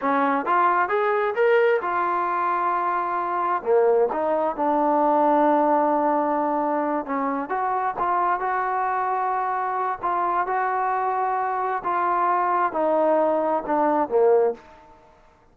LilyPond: \new Staff \with { instrumentName = "trombone" } { \time 4/4 \tempo 4 = 132 cis'4 f'4 gis'4 ais'4 | f'1 | ais4 dis'4 d'2~ | d'2.~ d'8 cis'8~ |
cis'8 fis'4 f'4 fis'4.~ | fis'2 f'4 fis'4~ | fis'2 f'2 | dis'2 d'4 ais4 | }